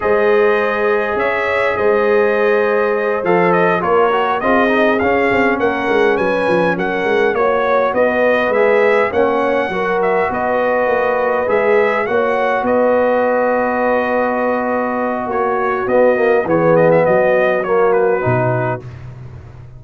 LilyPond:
<<
  \new Staff \with { instrumentName = "trumpet" } { \time 4/4 \tempo 4 = 102 dis''2 e''4 dis''4~ | dis''4. f''8 dis''8 cis''4 dis''8~ | dis''8 f''4 fis''4 gis''4 fis''8~ | fis''8 cis''4 dis''4 e''4 fis''8~ |
fis''4 e''8 dis''2 e''8~ | e''8 fis''4 dis''2~ dis''8~ | dis''2 cis''4 dis''4 | cis''8 dis''16 e''16 dis''4 cis''8 b'4. | }
  \new Staff \with { instrumentName = "horn" } { \time 4/4 c''2 cis''4 c''4~ | c''2~ c''8 ais'4 gis'8~ | gis'4. ais'4 b'4 ais'8~ | ais'8 cis''4 b'2 cis''8~ |
cis''8 ais'4 b'2~ b'8~ | b'8 cis''4 b'2~ b'8~ | b'2 fis'2 | gis'4 fis'2. | }
  \new Staff \with { instrumentName = "trombone" } { \time 4/4 gis'1~ | gis'4. a'4 f'8 fis'8 f'8 | dis'8 cis'2.~ cis'8~ | cis'8 fis'2 gis'4 cis'8~ |
cis'8 fis'2. gis'8~ | gis'8 fis'2.~ fis'8~ | fis'2. b8 ais8 | b2 ais4 dis'4 | }
  \new Staff \with { instrumentName = "tuba" } { \time 4/4 gis2 cis'4 gis4~ | gis4. f4 ais4 c'8~ | c'8 cis'8 c'8 ais8 gis8 fis8 f8 fis8 | gis8 ais4 b4 gis4 ais8~ |
ais8 fis4 b4 ais4 gis8~ | gis8 ais4 b2~ b8~ | b2 ais4 b4 | e4 fis2 b,4 | }
>>